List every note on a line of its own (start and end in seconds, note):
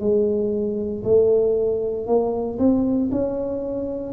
0.00 1.03 G#3
1.04 2.07 A3
2.07 2.59 A#3
2.59 3.10 C4
3.11 4.13 C#4